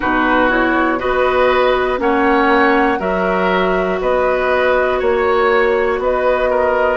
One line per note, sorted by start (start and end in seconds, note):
0.00 1.02 B2
0.00 0.49 D#4
0.00 0.99 F#4
0.00 0.50 B4
0.49 0.98 E4
0.49 0.99 C#5
0.98 1.99 B3
0.98 1.97 F#4
0.98 1.99 B4
0.98 1.99 D#5
1.97 2.99 A#3
1.97 2.97 C#4
1.97 2.99 C#5
1.97 3.00 F#5
2.99 3.99 F#3
2.99 6.97 F#4
2.99 3.99 A#4
2.99 4.00 E5
4.00 5.01 B3
4.00 4.99 B4
4.00 5.00 D#5
4.99 5.98 A#3
4.99 5.99 C#5
4.99 6.01 C#5
5.98 6.97 B3
5.98 6.50 B4
5.98 6.97 D#5
6.50 6.97 A#4